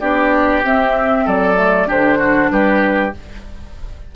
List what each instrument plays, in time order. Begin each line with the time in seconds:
0.00 bassoon B3, clarinet D4, oboe G4, flute D5
0.64 bassoon C4, clarinet C4, flute E5
1.25 bassoon F#3, oboe A4, flute D5
1.56 clarinet A3
1.87 bassoon D3, clarinet D4, oboe G4, flute C5
2.19 oboe F#4
2.51 bassoon G3, oboe G4, flute B4